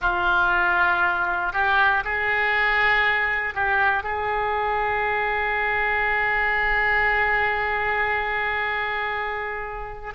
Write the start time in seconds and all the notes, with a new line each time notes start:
0.01 F4
1.53 G4
2.04 G#4
3.54 G4
4.03 G#4